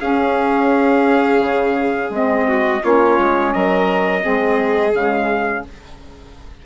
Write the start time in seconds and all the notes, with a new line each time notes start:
0.00 C#4 G#4 F5
1.39 C#3
2.10 G#3 C4 D#5
2.47 F#4
2.81 A#3 C#4 F4 C#5
3.19 G#3
3.53 F#3 A#4 D#5
4.20 C4 G#4
4.26 G#3
4.92 C#3 G#3 F5